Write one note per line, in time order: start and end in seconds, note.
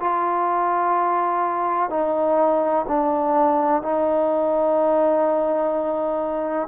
0.00 1.90 F4
1.90 2.86 D#4
2.88 3.83 D4
3.83 6.68 D#4